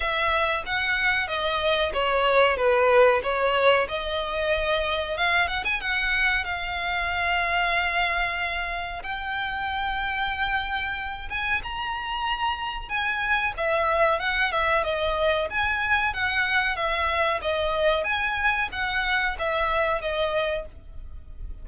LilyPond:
\new Staff \with { instrumentName = "violin" } { \time 4/4 \tempo 4 = 93 e''4 fis''4 dis''4 cis''4 | b'4 cis''4 dis''2 | f''8 fis''16 gis''16 fis''4 f''2~ | f''2 g''2~ |
g''4. gis''8 ais''2 | gis''4 e''4 fis''8 e''8 dis''4 | gis''4 fis''4 e''4 dis''4 | gis''4 fis''4 e''4 dis''4 | }